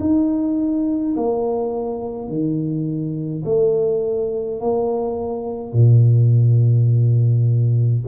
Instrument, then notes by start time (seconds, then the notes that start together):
tuba
0.00 D#4
1.17 A#3
2.29 D#3
3.45 A3
4.60 A#3
5.73 A#2